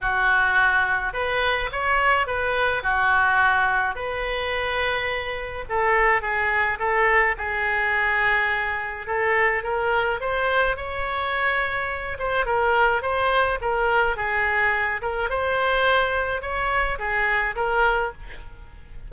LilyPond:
\new Staff \with { instrumentName = "oboe" } { \time 4/4 \tempo 4 = 106 fis'2 b'4 cis''4 | b'4 fis'2 b'4~ | b'2 a'4 gis'4 | a'4 gis'2. |
a'4 ais'4 c''4 cis''4~ | cis''4. c''8 ais'4 c''4 | ais'4 gis'4. ais'8 c''4~ | c''4 cis''4 gis'4 ais'4 | }